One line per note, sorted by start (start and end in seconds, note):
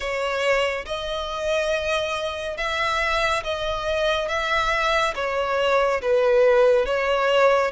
0.00 0.85 C#5
0.85 2.57 D#5
2.57 3.43 E5
3.43 4.28 D#5
4.28 5.14 E5
5.15 6.01 C#5
6.01 6.85 B4
6.85 7.71 C#5